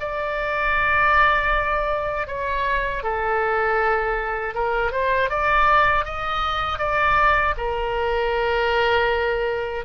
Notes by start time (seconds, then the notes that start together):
0.00 D5
2.28 C#5
3.03 A4
4.55 A#4
4.92 C5
5.30 D5
6.05 D#5
6.78 D5
7.57 A#4